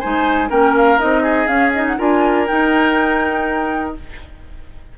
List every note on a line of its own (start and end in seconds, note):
0.00 0.50 G#3
0.00 0.49 D#4
0.00 0.49 C5
0.00 0.49 G#5
0.49 0.99 A#3
0.49 0.98 C#4
0.49 1.22 A#4
0.49 0.75 G5
0.76 0.99 F5
0.98 1.47 C4
0.98 1.47 D#4
0.98 1.47 D#5
1.22 1.96 G#4
1.47 1.72 C#4
1.47 1.96 C#4
1.47 1.72 F5
1.73 1.98 D#4
1.73 1.86 D#5
1.87 1.99 F#5
1.98 2.49 D4
1.98 2.47 F4
1.98 3.95 A#4
1.98 2.47 G#5
2.47 3.95 D#4
2.47 3.98 D#4
2.47 3.94 G5